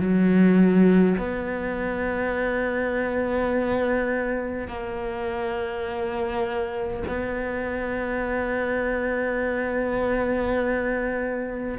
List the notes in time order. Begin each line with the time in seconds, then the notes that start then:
0.00 F#3
1.18 B3
4.68 A#3
7.08 B3